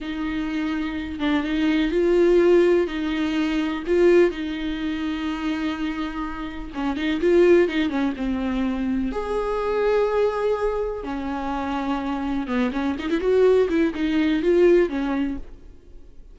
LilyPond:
\new Staff \with { instrumentName = "viola" } { \time 4/4 \tempo 4 = 125 dis'2~ dis'8 d'8 dis'4 | f'2 dis'2 | f'4 dis'2.~ | dis'2 cis'8 dis'8 f'4 |
dis'8 cis'8 c'2 gis'4~ | gis'2. cis'4~ | cis'2 b8 cis'8 dis'16 e'16 fis'8~ | fis'8 e'8 dis'4 f'4 cis'4 | }